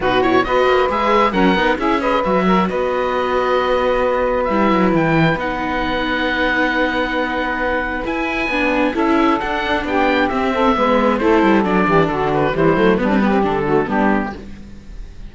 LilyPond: <<
  \new Staff \with { instrumentName = "oboe" } { \time 4/4 \tempo 4 = 134 b'8 cis''8 dis''4 e''4 fis''4 | e''8 dis''8 e''4 dis''2~ | dis''2 e''4 g''4 | fis''1~ |
fis''2 gis''2 | e''4 fis''4 g''4 e''4~ | e''4 c''4 d''4 a'8 b'8 | c''4 b'4 a'4 g'4 | }
  \new Staff \with { instrumentName = "saxophone" } { \time 4/4 fis'4 b'2 ais'4 | gis'8 b'4 ais'8 b'2~ | b'1~ | b'1~ |
b'1 | a'2 g'4. a'8 | b'4 a'4. g'8 fis'4 | e'4 d'8 g'4 fis'8 d'4 | }
  \new Staff \with { instrumentName = "viola" } { \time 4/4 dis'8 e'8 fis'4 gis'4 cis'8 dis'8 | e'8 gis'8 fis'2.~ | fis'2 e'2 | dis'1~ |
dis'2 e'4 d'4 | e'4 d'2 c'4 | b4 e'4 d'2 | g8 a8 b16 c'16 b16 c'16 d'8 a8 b4 | }
  \new Staff \with { instrumentName = "cello" } { \time 4/4 b,4 b8 ais8 gis4 fis8 b8 | cis'4 fis4 b2~ | b2 g8 fis8 e4 | b1~ |
b2 e'4 b4 | cis'4 d'4 b4 c'4 | gis4 a8 g8 fis8 e8 d4 | e8 fis8 g4 d4 g4 | }
>>